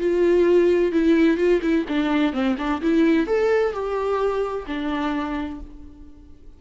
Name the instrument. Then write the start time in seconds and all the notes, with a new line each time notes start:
viola
0.00 F4
0.92 E4
1.37 F4
1.62 E4
1.89 D4
2.33 C4
2.58 D4
2.82 E4
3.27 A4
3.73 G4
4.67 D4